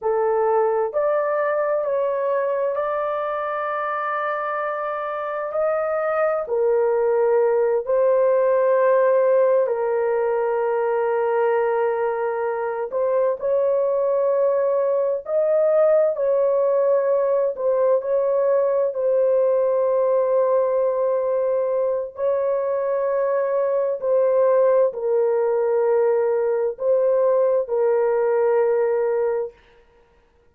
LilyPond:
\new Staff \with { instrumentName = "horn" } { \time 4/4 \tempo 4 = 65 a'4 d''4 cis''4 d''4~ | d''2 dis''4 ais'4~ | ais'8 c''2 ais'4.~ | ais'2 c''8 cis''4.~ |
cis''8 dis''4 cis''4. c''8 cis''8~ | cis''8 c''2.~ c''8 | cis''2 c''4 ais'4~ | ais'4 c''4 ais'2 | }